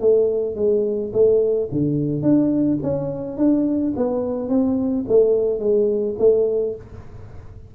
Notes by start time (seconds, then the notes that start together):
0.00 A3
0.56 G#3
1.13 A3
1.72 D3
2.22 D4
2.83 C#4
3.37 D4
3.96 B3
4.49 C4
5.08 A3
5.59 G#3
6.19 A3